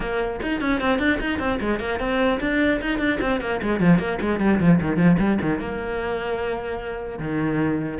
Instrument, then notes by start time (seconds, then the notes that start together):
cello
0.00 A#3
0.42 D#4
0.61 C#4
0.80 C4
0.99 D4
1.20 D#4
1.39 C4
1.60 G#3
1.79 A#3
1.99 C4
2.40 D4
2.81 D#4
2.98 D4
3.20 C4
3.41 A#3
3.62 G#3
3.79 F3
3.98 A#3
4.21 G#3
4.39 G3
4.60 F3
4.81 D#3
4.97 F3
5.19 G3
5.41 D#3
5.59 A#3
7.18 D#3